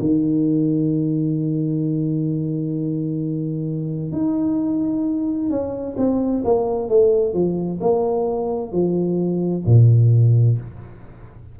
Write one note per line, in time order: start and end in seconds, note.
0.00 4.12 D#3
4.12 5.50 D#4
5.50 5.97 C#4
5.97 6.44 C4
6.45 6.89 A#3
6.89 7.34 A3
7.34 7.80 F3
7.81 8.72 A#3
8.72 9.65 F3
9.66 10.58 A#2